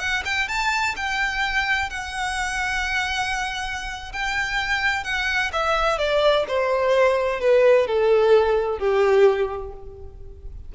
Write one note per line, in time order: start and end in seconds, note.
0.00 0.23 F#5
0.25 0.48 G5
0.48 0.95 A5
0.96 1.90 G5
1.90 4.13 F#5
4.13 5.04 G5
5.04 5.51 F#5
5.53 5.99 E5
5.99 6.46 D5
6.48 7.40 C5
7.40 7.87 B4
7.87 8.79 A4
8.79 9.73 G4